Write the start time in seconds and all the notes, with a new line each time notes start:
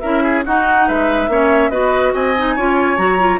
0.00 C#4 E4 A#4 E5
0.23 G#4
0.45 D#4 F#4 F#5
0.88 G#3 B4 E5
1.28 A#3 C#4 C#5
1.70 B3 F#4 B4 D#5
2.14 C4 D#5 G#5
2.38 D#4
2.56 C#4 F4 C#5
2.97 F#3 F#4 A#5
3.19 F4